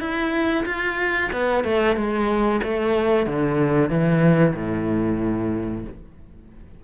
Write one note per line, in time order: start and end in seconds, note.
0.00 0.65 E4
0.66 1.30 F4
1.32 1.64 B3
1.64 1.96 A3
1.96 2.61 G#3
2.63 3.27 A3
3.27 3.89 D3
3.89 4.54 E3
4.55 5.84 A2